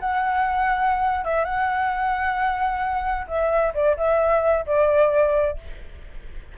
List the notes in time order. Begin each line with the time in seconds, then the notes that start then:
0.00 F#5
1.25 E5
1.45 F#5
3.28 E5
3.74 D5
3.97 E5
4.67 D5